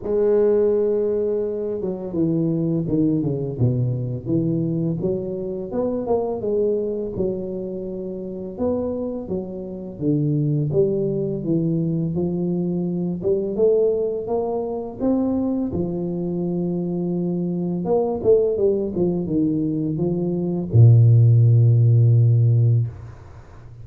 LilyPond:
\new Staff \with { instrumentName = "tuba" } { \time 4/4 \tempo 4 = 84 gis2~ gis8 fis8 e4 | dis8 cis8 b,4 e4 fis4 | b8 ais8 gis4 fis2 | b4 fis4 d4 g4 |
e4 f4. g8 a4 | ais4 c'4 f2~ | f4 ais8 a8 g8 f8 dis4 | f4 ais,2. | }